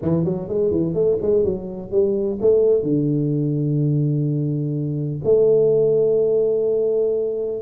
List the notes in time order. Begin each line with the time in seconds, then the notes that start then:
0.02 E3
0.24 F#3
0.48 G#3
0.71 E3
0.94 A3
1.21 G#3
1.44 F#3
1.91 G3
2.41 A3
2.82 D3
5.24 A3